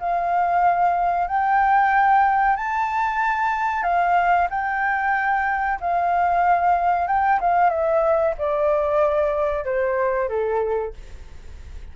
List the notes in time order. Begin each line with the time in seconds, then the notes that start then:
0.00 F5
1.28 G5
2.57 A5
3.84 F5
4.50 G5
5.81 F5
7.08 G5
7.41 F5
7.70 E5
8.38 D5
9.65 C5
10.29 A4